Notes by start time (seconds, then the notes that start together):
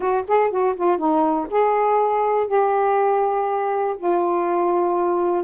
0.00 F#4
0.27 G#4
0.50 F#4
0.76 F4
0.97 D#4
1.50 G#4
2.47 G4
3.97 F4